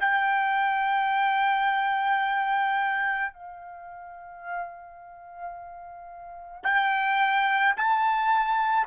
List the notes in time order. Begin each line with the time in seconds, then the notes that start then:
0.00 G5
3.33 F5
6.64 G5
7.77 A5